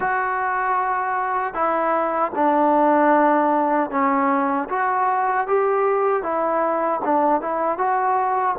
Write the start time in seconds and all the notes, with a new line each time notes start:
0.00 F#4
1.53 E4
2.35 D4
3.90 C#4
4.69 F#4
5.47 G4
6.22 E4
7.04 D4
7.41 E4
7.77 F#4